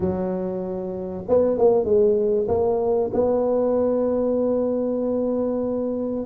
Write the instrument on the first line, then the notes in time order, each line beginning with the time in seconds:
tuba
0.00 F#3
1.28 B3
1.57 A#3
1.84 G#3
2.48 A#3
3.13 B3